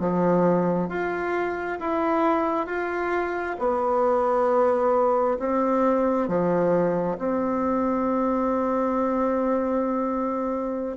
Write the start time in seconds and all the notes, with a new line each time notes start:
0.00 F3
0.89 F4
1.80 E4
2.67 F4
3.59 B3
5.39 C4
6.28 F3
7.18 C4